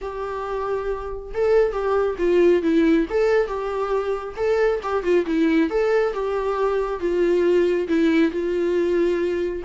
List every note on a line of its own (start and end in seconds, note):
0.01 1.32 G4
1.34 1.72 A4
1.72 2.16 G4
2.18 2.62 F4
2.62 3.06 E4
3.10 3.47 A4
3.47 4.35 G4
4.36 4.80 A4
4.83 5.03 G4
5.03 5.25 F4
5.26 5.70 E4
5.70 6.13 A4
6.13 7.00 G4
7.00 7.87 F4
7.87 8.31 E4
8.31 9.62 F4